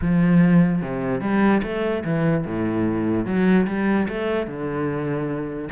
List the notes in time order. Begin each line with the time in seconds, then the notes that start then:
0.01 F3
0.82 C3
1.21 G3
1.62 A3
2.04 E3
2.46 A2
3.25 F#3
3.66 G3
4.08 A3
4.47 D3